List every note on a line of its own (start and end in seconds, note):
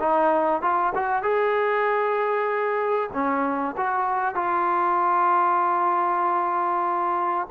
0.00 0.62 D#4
0.62 0.93 F4
0.95 1.23 F#4
1.23 3.10 G#4
3.13 3.76 C#4
3.77 4.35 F#4
4.35 7.48 F4